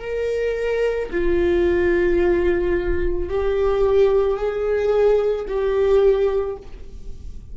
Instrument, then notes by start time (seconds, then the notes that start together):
viola
0.00 A#4
1.11 F4
3.29 G4
4.37 G#4
5.47 G4